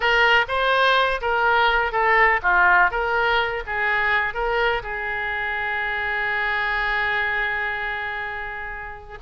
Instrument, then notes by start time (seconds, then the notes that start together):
oboe
0.00 A#4
0.48 C5
1.21 A#4
1.92 A4
2.42 F4
2.90 A#4
3.66 G#4
4.34 A#4
4.83 G#4